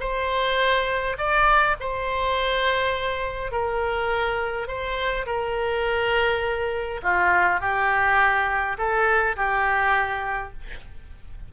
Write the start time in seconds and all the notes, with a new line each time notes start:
0.00 C5
1.18 D5
1.80 C5
3.51 A#4
4.67 C5
5.26 A#4
7.03 F4
7.60 G4
8.78 A4
9.36 G4